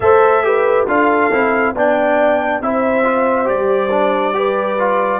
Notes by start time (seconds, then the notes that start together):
0.00 A3 A4 C5 E5
0.43 G4 B4
0.87 D4 F4 A4 F5
1.31 C4 E4
1.74 B3 D4 D5 G5
2.61 C4 E4 C5 E5
3.03 F4
3.45 G3 G4 D5
3.90 D4
4.33 G4 B4
4.79 F4